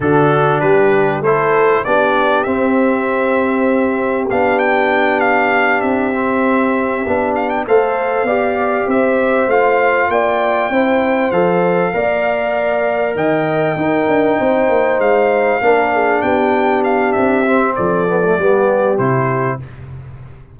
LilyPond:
<<
  \new Staff \with { instrumentName = "trumpet" } { \time 4/4 \tempo 4 = 98 a'4 b'4 c''4 d''4 | e''2. f''8 g''8~ | g''8 f''4 e''2~ e''8 | f''16 g''16 f''2 e''4 f''8~ |
f''8 g''2 f''4.~ | f''4. g''2~ g''8~ | g''8 f''2 g''4 f''8 | e''4 d''2 c''4 | }
  \new Staff \with { instrumentName = "horn" } { \time 4/4 fis'4 g'4 a'4 g'4~ | g'1~ | g'1~ | g'8 c''4 d''4 c''4.~ |
c''8 d''4 c''2 d''8~ | d''4. dis''4 ais'4 c''8~ | c''4. ais'8 gis'8 g'4.~ | g'4 a'4 g'2 | }
  \new Staff \with { instrumentName = "trombone" } { \time 4/4 d'2 e'4 d'4 | c'2. d'4~ | d'2 c'4. d'8~ | d'8 a'4 g'2 f'8~ |
f'4. e'4 a'4 ais'8~ | ais'2~ ais'8 dis'4.~ | dis'4. d'2~ d'8~ | d'8 c'4 b16 a16 b4 e'4 | }
  \new Staff \with { instrumentName = "tuba" } { \time 4/4 d4 g4 a4 b4 | c'2. b4~ | b4. c'2 b8~ | b8 a4 b4 c'4 a8~ |
a8 ais4 c'4 f4 ais8~ | ais4. dis4 dis'8 d'8 c'8 | ais8 gis4 ais4 b4. | c'4 f4 g4 c4 | }
>>